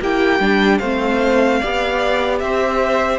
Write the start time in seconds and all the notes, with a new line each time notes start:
0.00 A#3 E4 G4 G5
0.40 G3 D4
0.78 A3 C4 C5 F5
1.59 B3 G4 D5
2.39 C4 C5 E5